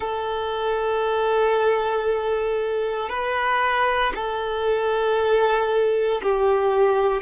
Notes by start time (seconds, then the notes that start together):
0.00 A4
3.09 B4
4.14 A4
6.22 G4